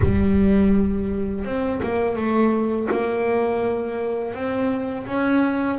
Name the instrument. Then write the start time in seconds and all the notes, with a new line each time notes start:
double bass
0.02 G3
1.44 C4
1.82 A#3
2.16 A3
2.91 A#3
4.33 C4
5.06 C#4